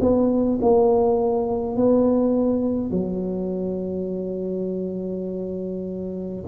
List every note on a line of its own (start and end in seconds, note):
0.00 0.59 B3
0.61 1.76 A#3
1.76 2.91 B3
2.91 6.44 F#3